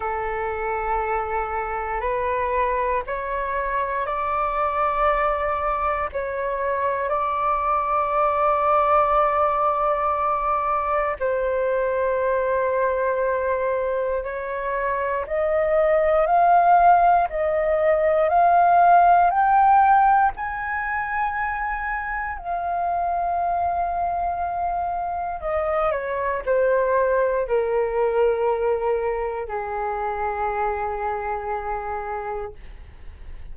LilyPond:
\new Staff \with { instrumentName = "flute" } { \time 4/4 \tempo 4 = 59 a'2 b'4 cis''4 | d''2 cis''4 d''4~ | d''2. c''4~ | c''2 cis''4 dis''4 |
f''4 dis''4 f''4 g''4 | gis''2 f''2~ | f''4 dis''8 cis''8 c''4 ais'4~ | ais'4 gis'2. | }